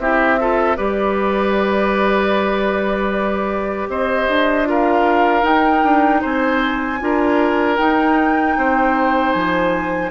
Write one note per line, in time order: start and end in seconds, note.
0.00 0.78 C4
0.00 0.40 E4
0.00 0.40 G4
0.00 0.77 E5
0.41 0.77 F4
0.41 0.78 A4
0.77 3.89 G3
0.77 4.65 G4
0.77 3.89 B4
0.77 3.89 D5
3.89 4.28 C4
3.89 4.69 C5
3.89 4.69 D#5
4.28 5.44 D4
4.65 5.43 F4
4.65 6.21 A#4
4.65 5.45 F5
5.43 6.99 D#4
5.43 5.83 D#4
5.43 6.23 G5
5.84 6.23 D4
6.21 7.02 C4
6.21 6.99 C5
6.21 7.77 G#5
7.00 7.79 D4
7.00 7.78 F4
7.00 8.58 A#4
7.77 10.11 D#4
7.77 8.57 D#4
7.77 9.32 G5
8.57 9.35 C4
8.57 10.11 C5
9.32 10.11 F3
9.32 10.10 G#5